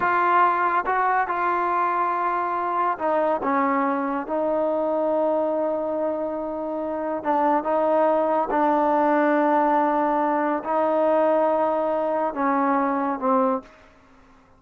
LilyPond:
\new Staff \with { instrumentName = "trombone" } { \time 4/4 \tempo 4 = 141 f'2 fis'4 f'4~ | f'2. dis'4 | cis'2 dis'2~ | dis'1~ |
dis'4 d'4 dis'2 | d'1~ | d'4 dis'2.~ | dis'4 cis'2 c'4 | }